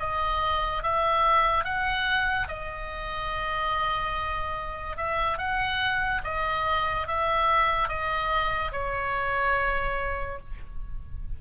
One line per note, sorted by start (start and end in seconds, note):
0.00 0.83 D#5
0.83 1.65 E5
1.65 2.48 F#5
2.48 4.97 D#5
4.97 5.39 E5
5.39 6.22 F#5
6.24 7.08 D#5
7.08 7.89 E5
7.89 8.72 D#5
8.72 10.39 C#5